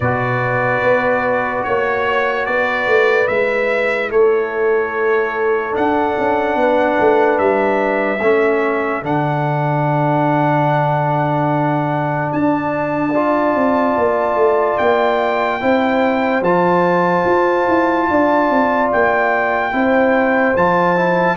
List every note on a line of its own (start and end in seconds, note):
0.00 0.82 B2
0.00 3.27 F#4
0.00 1.64 B4
0.00 1.63 D5
0.82 1.65 B3
1.63 2.47 A#3
1.63 2.45 C#5
1.63 2.46 C#5
2.45 2.87 B3
2.45 4.10 B4
2.45 3.27 D5
2.87 3.28 A3
3.27 4.10 G#3
3.27 5.72 E4
3.27 4.10 E5
4.10 5.75 A3
4.10 6.57 A4
4.10 5.75 C#5
5.72 8.18 D4
5.72 6.17 D4
5.72 7.38 F#5
6.18 6.55 C#4
6.55 6.96 B3
6.55 8.24 B4
6.99 7.39 A3
7.38 8.20 G3
7.38 9.02 E5
8.20 9.02 A3
8.20 9.02 C#4
8.20 13.12 A4
9.02 12.31 D3
9.02 13.13 D4
9.02 12.32 F#5
12.32 13.55 D4
12.32 14.78 A5
13.12 15.60 F4
13.12 15.59 D5
13.55 13.96 C4
13.97 14.35 A#3
14.35 14.76 A3
14.78 15.61 A#3
14.78 16.42 G5
15.60 16.41 C4
15.60 16.42 E4
15.60 18.09 C5
16.41 17.23 F3
16.41 19.72 F4
16.41 18.90 A5
17.25 17.66 F4
17.68 18.09 E4
18.09 18.50 D4
18.09 19.73 D5
18.50 18.91 C4
18.92 19.73 A#3
18.92 20.56 G5
19.72 20.55 C4
19.72 20.54 E4
19.72 21.36 C5
20.55 21.36 F3
20.55 20.96 F4
20.55 21.36 A5
20.96 21.36 E4